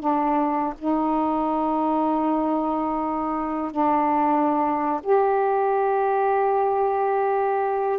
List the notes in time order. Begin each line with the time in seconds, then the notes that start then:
0.00 D4
0.79 D#4
3.72 D4
5.03 G4